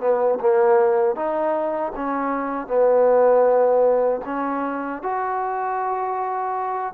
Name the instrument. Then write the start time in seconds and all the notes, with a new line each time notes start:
trombone
0.00 B3
0.40 A#3
1.15 D#4
1.96 C#4
2.67 B3
4.25 C#4
5.02 F#4